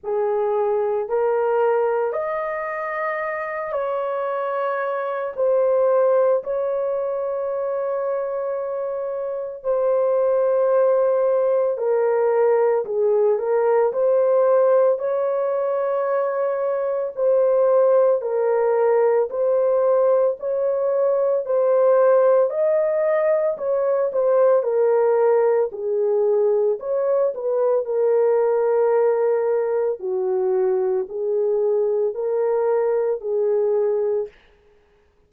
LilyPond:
\new Staff \with { instrumentName = "horn" } { \time 4/4 \tempo 4 = 56 gis'4 ais'4 dis''4. cis''8~ | cis''4 c''4 cis''2~ | cis''4 c''2 ais'4 | gis'8 ais'8 c''4 cis''2 |
c''4 ais'4 c''4 cis''4 | c''4 dis''4 cis''8 c''8 ais'4 | gis'4 cis''8 b'8 ais'2 | fis'4 gis'4 ais'4 gis'4 | }